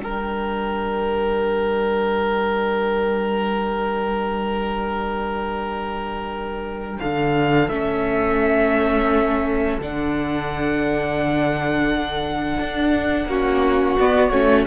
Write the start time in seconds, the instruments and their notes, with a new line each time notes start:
0.00 cello G3, viola D4, violin A#4 G5
7.00 cello D3, violin A4 F5
7.69 cello A3, viola C#4, violin E5
9.80 cello D3, viola D4, violin F#5
12.59 cello D4
13.26 cello A#3, viola C#4, violin F#4
14.00 cello B3, viola B3, violin D5
14.30 cello A3, viola C#4, violin C#5